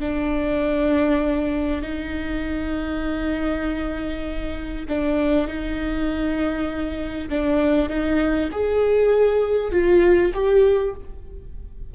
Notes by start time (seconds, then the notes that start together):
0.00 D4
1.82 D#4
4.88 D4
5.47 D#4
7.29 D4
7.89 D#4
8.52 G#4
9.72 F4
10.34 G4